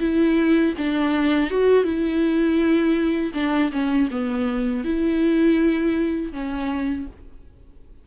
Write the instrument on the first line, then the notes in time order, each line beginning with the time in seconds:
viola
0.00 E4
0.78 D4
1.50 F#4
1.84 E4
3.34 D4
3.72 C#4
4.10 B3
4.84 E4
6.33 C#4